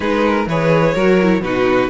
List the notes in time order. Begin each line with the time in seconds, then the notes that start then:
0.00 G#3 D#4 G#4 B4
0.25 A#4
0.46 E3 G#4 B4 C#5
0.94 F#3 F#4 A#4
1.21 E4
1.40 B2 D#4 F#4 B4